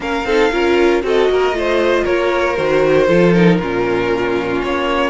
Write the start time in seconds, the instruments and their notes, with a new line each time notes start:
0.00 cello A#3, viola C#4, violin A#4 F5
0.24 cello C4, viola D#4, violin A4
0.51 cello C#4, viola F4, violin A#4
1.02 cello C4, viola F#4, violin A4 D#5
1.29 cello A#3, violin A#4
1.51 cello A3, viola F4
1.58 violin C5
2.04 cello A#3, violin A#4 C#5
2.56 cello D#3, viola F#4, violin C5
3.07 cello F3, viola F4, violin A4
3.33 viola D#4, violin A#4
3.59 cello A#2, viola C#4, violin F4
4.62 cello A#3, violin C#5